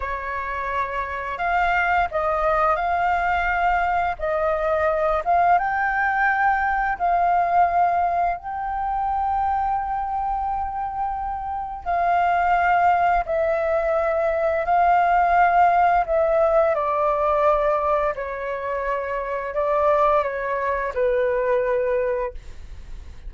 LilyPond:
\new Staff \with { instrumentName = "flute" } { \time 4/4 \tempo 4 = 86 cis''2 f''4 dis''4 | f''2 dis''4. f''8 | g''2 f''2 | g''1~ |
g''4 f''2 e''4~ | e''4 f''2 e''4 | d''2 cis''2 | d''4 cis''4 b'2 | }